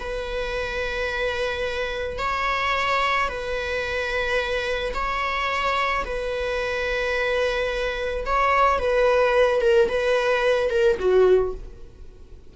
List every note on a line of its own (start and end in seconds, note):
0.00 2.19 B4
2.19 3.29 C#5
3.29 4.94 B4
4.94 6.05 C#5
6.05 8.25 B4
8.26 8.79 C#5
8.79 9.62 B4
9.62 9.89 A#4
9.89 10.70 B4
10.70 10.98 A#4
10.99 11.54 F#4